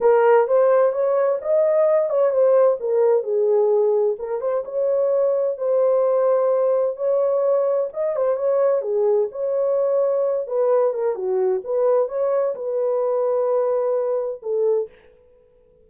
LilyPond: \new Staff \with { instrumentName = "horn" } { \time 4/4 \tempo 4 = 129 ais'4 c''4 cis''4 dis''4~ | dis''8 cis''8 c''4 ais'4 gis'4~ | gis'4 ais'8 c''8 cis''2 | c''2. cis''4~ |
cis''4 dis''8 c''8 cis''4 gis'4 | cis''2~ cis''8 b'4 ais'8 | fis'4 b'4 cis''4 b'4~ | b'2. a'4 | }